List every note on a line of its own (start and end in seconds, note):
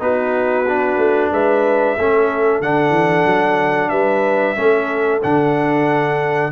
0.00 0.98 B3
0.00 0.65 D#4
0.00 1.32 F#4
0.00 1.32 B4
0.68 1.99 D4
0.98 1.30 A3
1.32 1.97 G#3
1.32 1.98 B4
1.32 2.62 E5
1.98 2.61 A3
1.98 2.63 C#4
1.98 3.91 A4
2.61 2.90 D3
2.61 4.57 D4
2.61 3.89 F#5
2.90 3.23 E3
3.26 3.91 F#3
3.89 4.56 G3
3.89 4.57 B4
3.89 5.20 E5
4.57 5.23 A3
4.57 5.22 C#4
4.57 6.52 A4
5.23 6.52 D3
5.23 6.52 D4
5.23 6.52 F#5